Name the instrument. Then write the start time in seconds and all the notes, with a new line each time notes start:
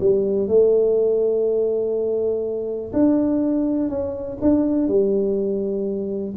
tuba
0.00 G3
0.47 A3
2.93 D4
3.89 C#4
4.41 D4
4.87 G3